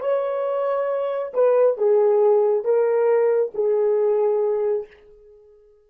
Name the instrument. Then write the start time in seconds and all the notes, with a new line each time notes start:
horn
0.00 C#5
1.33 B4
1.77 G#4
2.64 A#4
3.54 G#4